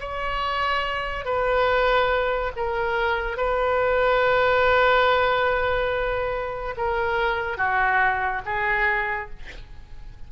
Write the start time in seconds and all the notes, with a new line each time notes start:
0.00 C#5
1.25 B4
2.56 A#4
3.37 B4
6.77 A#4
7.57 F#4
8.45 G#4